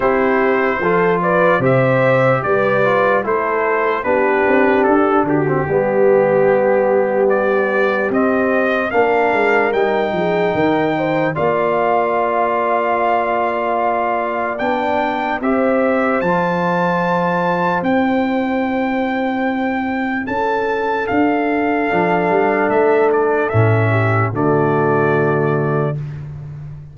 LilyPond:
<<
  \new Staff \with { instrumentName = "trumpet" } { \time 4/4 \tempo 4 = 74 c''4. d''8 e''4 d''4 | c''4 b'4 a'8 g'4.~ | g'4 d''4 dis''4 f''4 | g''2 f''2~ |
f''2 g''4 e''4 | a''2 g''2~ | g''4 a''4 f''2 | e''8 d''8 e''4 d''2 | }
  \new Staff \with { instrumentName = "horn" } { \time 4/4 g'4 a'8 b'8 c''4 b'4 | a'4 g'4. fis'8 g'4~ | g'2. ais'4~ | ais'8 gis'8 ais'8 c''8 d''2~ |
d''2. c''4~ | c''1~ | c''4 a'2.~ | a'4. g'8 fis'2 | }
  \new Staff \with { instrumentName = "trombone" } { \time 4/4 e'4 f'4 g'4. f'8 | e'4 d'4.~ d'16 c'16 b4~ | b2 c'4 d'4 | dis'2 f'2~ |
f'2 d'4 g'4 | f'2 e'2~ | e'2. d'4~ | d'4 cis'4 a2 | }
  \new Staff \with { instrumentName = "tuba" } { \time 4/4 c'4 f4 c4 g4 | a4 b8 c'8 d'8 d8 g4~ | g2 c'4 ais8 gis8 | g8 f8 dis4 ais2~ |
ais2 b4 c'4 | f2 c'2~ | c'4 cis'4 d'4 f8 g8 | a4 a,4 d2 | }
>>